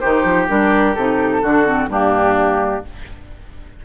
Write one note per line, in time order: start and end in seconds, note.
0.00 0.24 D#3
0.00 0.48 D#4
0.00 1.42 G4
0.00 0.47 C5
0.24 0.48 F3
0.48 0.96 G3
0.48 0.95 D4
0.48 0.95 A#4
0.95 1.43 C3
0.95 1.43 D#4
0.95 1.90 A4
1.42 1.87 D3
1.42 1.66 D4
1.42 1.90 F#4
1.66 1.90 C4
1.87 2.82 G2
1.87 2.85 A#3
1.87 2.86 D4
1.87 2.86 G4